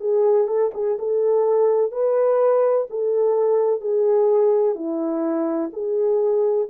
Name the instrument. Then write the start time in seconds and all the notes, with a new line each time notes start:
horn
0.00 G#4
0.48 A4
0.74 G#4
0.99 A4
1.92 B4
2.90 A4
3.81 G#4
4.75 E4
5.73 G#4